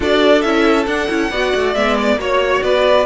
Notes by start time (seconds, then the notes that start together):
0.00 D4 F#4 A4 D5
0.41 C#4 E4 E5
0.86 D4 F#5
1.08 C#4 E4
1.30 B3 F#4 D5
1.55 A3
1.74 G#3 B3 E5
1.98 D5
2.16 A#3 F#4 C#5
2.62 B3 B4 D5